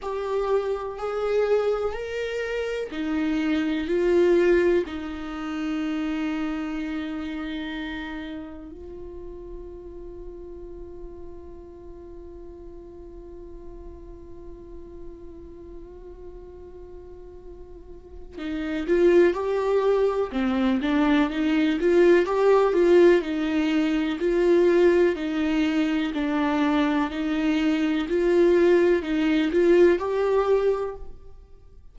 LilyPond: \new Staff \with { instrumentName = "viola" } { \time 4/4 \tempo 4 = 62 g'4 gis'4 ais'4 dis'4 | f'4 dis'2.~ | dis'4 f'2.~ | f'1~ |
f'2. dis'8 f'8 | g'4 c'8 d'8 dis'8 f'8 g'8 f'8 | dis'4 f'4 dis'4 d'4 | dis'4 f'4 dis'8 f'8 g'4 | }